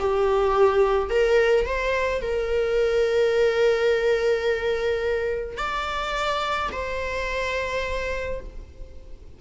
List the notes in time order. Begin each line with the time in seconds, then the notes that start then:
0.00 G4
1.10 A#4
1.66 C5
2.22 A#4
5.57 D5
6.72 C5